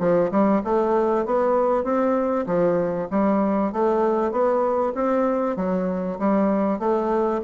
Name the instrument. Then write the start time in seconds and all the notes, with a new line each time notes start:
bassoon
0.00 F3
0.31 G3
0.64 A3
1.26 B3
1.84 C4
2.47 F3
3.11 G3
3.73 A3
4.32 B3
4.95 C4
5.57 F#3
6.19 G3
6.80 A3